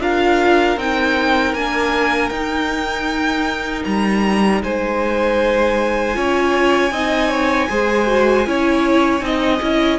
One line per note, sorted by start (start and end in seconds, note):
0.00 0.77 D4
0.00 0.78 F4
0.00 4.63 A#4
0.00 0.79 F5
0.77 1.54 C4
0.77 1.56 D#4
0.77 1.54 G5
1.54 2.30 A#3
1.54 2.33 D4
1.54 2.29 G#5
2.29 3.84 D#4
2.29 6.14 D#4
2.29 3.83 G5
3.85 4.63 G3
3.85 4.62 A#5
4.63 6.16 G#3
4.63 6.17 C5
4.63 9.99 G#5
6.14 6.91 C#4
6.14 6.91 F4
6.14 6.92 C#5
6.91 7.68 C4
6.91 7.70 D#4
6.91 7.30 D#5
7.30 7.68 C#5
7.70 8.47 G#3
7.70 8.07 G#4
7.70 8.47 C5
8.07 8.45 F#4
8.46 9.21 C#4
8.46 9.21 E4
8.46 9.25 C#5
9.21 9.59 C4
9.21 9.59 D#4
9.21 9.99 D#5
9.62 9.99 C#4
9.62 9.99 E4